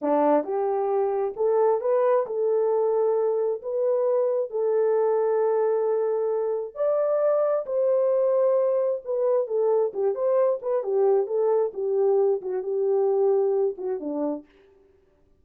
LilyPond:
\new Staff \with { instrumentName = "horn" } { \time 4/4 \tempo 4 = 133 d'4 g'2 a'4 | b'4 a'2. | b'2 a'2~ | a'2. d''4~ |
d''4 c''2. | b'4 a'4 g'8 c''4 b'8 | g'4 a'4 g'4. fis'8 | g'2~ g'8 fis'8 d'4 | }